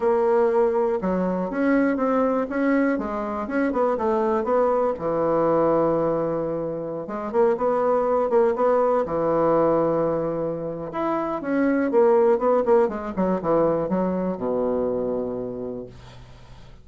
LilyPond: \new Staff \with { instrumentName = "bassoon" } { \time 4/4 \tempo 4 = 121 ais2 fis4 cis'4 | c'4 cis'4 gis4 cis'8 b8 | a4 b4 e2~ | e2~ e16 gis8 ais8 b8.~ |
b8. ais8 b4 e4.~ e16~ | e2 e'4 cis'4 | ais4 b8 ais8 gis8 fis8 e4 | fis4 b,2. | }